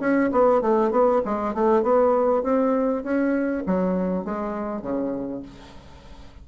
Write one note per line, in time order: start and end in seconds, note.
0.00 0.30 C#4
0.32 0.61 B3
0.61 0.91 A3
0.91 1.21 B3
1.25 1.54 G#3
1.54 1.82 A3
1.82 2.43 B3
2.43 3.03 C4
3.03 3.64 C#4
3.66 4.24 F#3
4.24 4.81 G#3
4.81 5.42 C#3